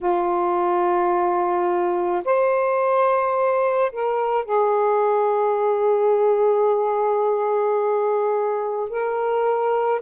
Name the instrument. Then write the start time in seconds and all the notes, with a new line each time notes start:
saxophone
0.00 F4
2.25 C5
3.91 A#4
4.44 G#4
8.89 A#4